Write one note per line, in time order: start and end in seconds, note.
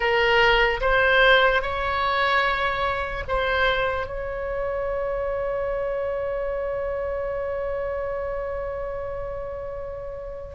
0.00 0.80 A#4
0.81 1.61 C5
1.61 3.24 C#5
3.28 4.07 C5
4.07 10.54 C#5